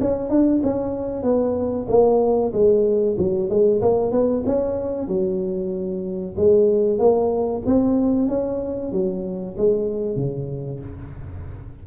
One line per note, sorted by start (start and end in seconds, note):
0.00 0.30 C#4
0.30 0.62 D4
0.63 1.22 C#4
1.22 1.86 B3
1.88 2.52 A#3
2.52 3.16 G#3
3.18 3.49 F#3
3.49 3.81 G#3
3.82 4.11 A#3
4.11 4.43 B3
4.46 5.07 C#4
5.07 6.35 F#3
6.37 6.98 G#3
6.98 7.62 A#3
7.66 8.28 C4
8.28 8.92 C#4
8.92 9.56 F#3
9.57 10.16 G#3
10.16 10.80 C#3